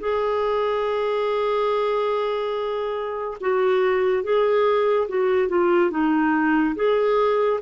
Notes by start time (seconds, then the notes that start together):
0.00 G#4
3.41 F#4
4.23 G#4
5.08 F#4
5.49 F4
5.90 D#4
6.75 G#4